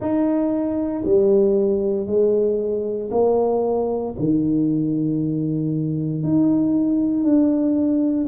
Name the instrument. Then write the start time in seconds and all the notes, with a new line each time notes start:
tuba
0.00 D#4
1.04 G3
2.06 G#3
3.10 A#3
4.18 D#3
6.23 D#4
7.23 D4